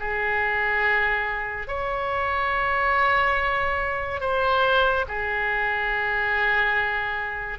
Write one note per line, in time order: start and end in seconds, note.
0.00 1.68 G#4
1.68 4.21 C#5
4.21 5.06 C5
5.08 7.59 G#4